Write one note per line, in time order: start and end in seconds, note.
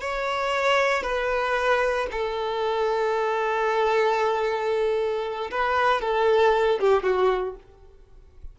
0.00 1.02 C#5
1.02 2.07 B4
2.11 5.50 A4
5.51 6.01 B4
6.01 6.79 A4
6.79 7.03 G4
7.03 7.55 F#4